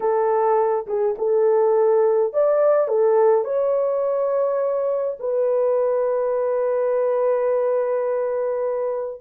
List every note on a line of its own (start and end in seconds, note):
0.00 0.86 A4
0.87 1.15 G#4
1.17 2.33 A4
2.33 2.87 D5
2.87 3.44 A4
3.44 5.17 C#5
5.19 9.21 B4